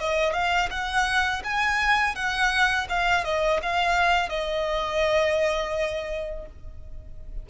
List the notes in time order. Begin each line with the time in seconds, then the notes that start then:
0.00 D#5
0.34 F5
0.71 F#5
1.44 G#5
2.15 F#5
2.89 F5
3.25 D#5
3.63 F5
4.29 D#5